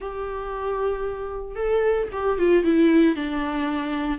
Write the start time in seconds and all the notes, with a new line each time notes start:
0.00 G4
1.55 A4
2.12 G4
2.38 F4
2.64 E4
3.15 D4